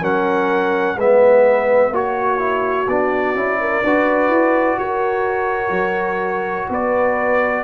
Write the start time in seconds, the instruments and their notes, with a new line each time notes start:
0.00 tuba F#3, trombone C#4, horn A#4, trumpet F#5
0.96 tuba G#3, trombone B3, horn B4, trumpet E5
1.90 tuba A#3, trombone F#4, horn F#4, trumpet C#5
2.38 trombone E4
2.87 tuba B3, trombone D4, trumpet D5
3.34 tuba C#4, trombone E4
3.60 horn A#4
3.83 tuba D4, trombone F#4, horn B4
4.29 tuba E4
4.78 tuba F#4, horn A#4, trumpet C#5
5.70 tuba F#3
6.69 tuba B3, horn B4, trumpet D5